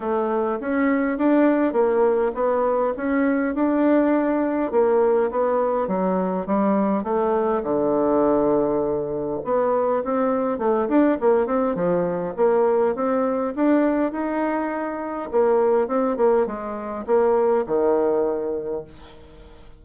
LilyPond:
\new Staff \with { instrumentName = "bassoon" } { \time 4/4 \tempo 4 = 102 a4 cis'4 d'4 ais4 | b4 cis'4 d'2 | ais4 b4 fis4 g4 | a4 d2. |
b4 c'4 a8 d'8 ais8 c'8 | f4 ais4 c'4 d'4 | dis'2 ais4 c'8 ais8 | gis4 ais4 dis2 | }